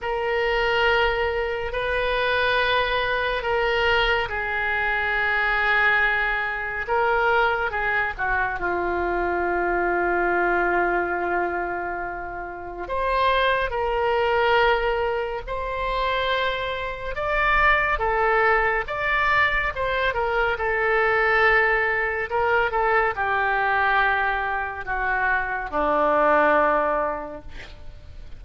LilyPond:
\new Staff \with { instrumentName = "oboe" } { \time 4/4 \tempo 4 = 70 ais'2 b'2 | ais'4 gis'2. | ais'4 gis'8 fis'8 f'2~ | f'2. c''4 |
ais'2 c''2 | d''4 a'4 d''4 c''8 ais'8 | a'2 ais'8 a'8 g'4~ | g'4 fis'4 d'2 | }